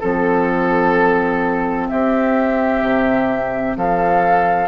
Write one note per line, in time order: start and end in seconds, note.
0.00 1.91 F3
0.00 4.68 C4
0.00 1.88 A4
1.89 2.82 C4
1.89 3.78 G4
1.89 3.77 E5
2.82 3.76 C3
3.77 4.68 F3
3.77 4.68 A4
3.77 4.68 F5